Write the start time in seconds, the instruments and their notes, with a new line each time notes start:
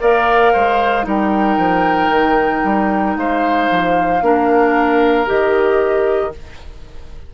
0.00 bassoon A#3, clarinet A#4, oboe D5, flute F5
0.53 bassoon G#3, oboe C5
1.03 bassoon G3, clarinet D#4, oboe A#4, flute G5
1.57 bassoon F3
2.09 bassoon D#3
2.64 bassoon G3
3.16 bassoon G#3, oboe C5, flute F5
3.70 bassoon F3
4.21 bassoon A#3, clarinet D4, oboe A#4
5.26 bassoon D#3, clarinet G4, flute D#5